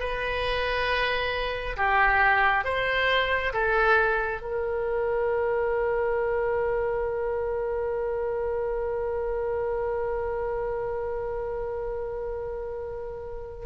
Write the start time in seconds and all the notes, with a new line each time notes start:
0.00 B4
1.77 G4
2.65 C5
3.53 A4
4.42 A#4